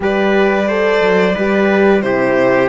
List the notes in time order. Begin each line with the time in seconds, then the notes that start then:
0.00 G3 G4 B4 D5
0.68 A4 C5
1.01 F#3
1.35 G3 G4 B4
2.01 C3 E4 G4 C5